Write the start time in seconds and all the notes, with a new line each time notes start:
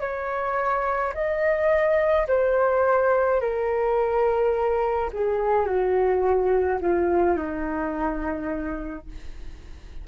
0.00 C#5
1.14 D#5
2.28 C5
3.41 A#4
5.13 G#4
5.66 F#4
6.81 F4
7.37 D#4